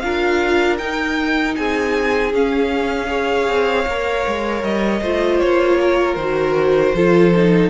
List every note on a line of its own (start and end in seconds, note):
0.00 0.80 D4
0.00 0.79 F4
0.00 1.58 A#4
0.00 0.77 F5
0.78 2.33 D#4
0.78 1.57 D#4
0.78 1.55 G5
1.56 2.33 C4
1.56 3.10 G#4
1.56 2.33 G#5
2.33 3.48 C#4
2.33 3.08 C#4
2.33 4.64 F5
3.08 3.84 G#4
3.08 5.01 C#5
3.48 3.87 C4
3.87 4.26 A#3
3.87 5.03 A#4
4.28 4.63 G#3
4.63 5.01 G3
4.63 5.40 D#5
5.01 5.40 A3
5.01 6.19 F4
5.01 5.78 C5
5.40 6.16 A#3
5.40 6.15 C#5
5.81 6.96 A#4
6.15 6.93 D#3
6.15 6.96 F#4
6.15 7.69 C5
6.95 7.70 F3
6.95 7.35 F4
6.95 7.70 A4
7.36 7.70 D#4